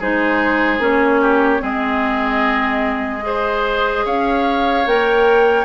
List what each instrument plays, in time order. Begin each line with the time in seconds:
0.00 bassoon G#3, clarinet D#4, oboe G#4, flute C5
0.79 bassoon A#3, clarinet C#4, flute C#5
1.22 oboe G4
1.59 bassoon G#3, clarinet C4, oboe G#4, flute D#5
3.22 clarinet G#4, oboe C5
4.06 bassoon C#4, oboe C#5, flute F5
4.87 bassoon A#3, clarinet A#4, flute G5